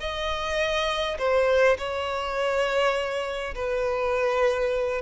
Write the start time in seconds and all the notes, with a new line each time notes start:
0.00 D#5
1.18 C5
1.78 C#5
3.55 B4